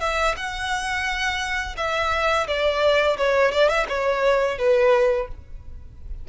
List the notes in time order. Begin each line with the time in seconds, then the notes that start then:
0.00 E5
0.36 F#5
1.77 E5
2.47 D5
3.17 C#5
3.52 D5
3.69 E5
3.88 C#5
4.58 B4